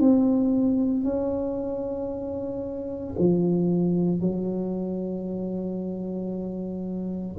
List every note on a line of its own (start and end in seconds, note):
0.00 1.04 C4
1.04 3.15 C#4
3.19 4.21 F3
4.21 7.37 F#3